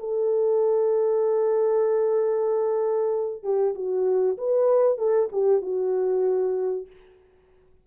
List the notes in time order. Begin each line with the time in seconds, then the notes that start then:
0.00 A4
3.43 G4
3.75 F#4
4.38 B4
4.98 A4
5.32 G4
5.62 F#4